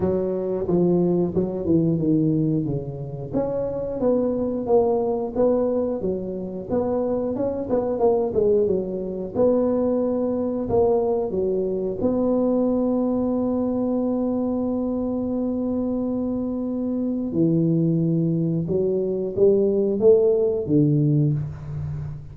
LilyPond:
\new Staff \with { instrumentName = "tuba" } { \time 4/4 \tempo 4 = 90 fis4 f4 fis8 e8 dis4 | cis4 cis'4 b4 ais4 | b4 fis4 b4 cis'8 b8 | ais8 gis8 fis4 b2 |
ais4 fis4 b2~ | b1~ | b2 e2 | fis4 g4 a4 d4 | }